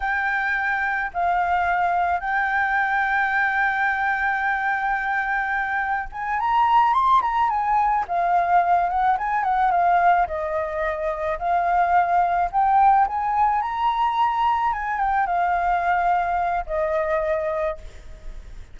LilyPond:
\new Staff \with { instrumentName = "flute" } { \time 4/4 \tempo 4 = 108 g''2 f''2 | g''1~ | g''2. gis''8 ais''8~ | ais''8 c'''8 ais''8 gis''4 f''4. |
fis''8 gis''8 fis''8 f''4 dis''4.~ | dis''8 f''2 g''4 gis''8~ | gis''8 ais''2 gis''8 g''8 f''8~ | f''2 dis''2 | }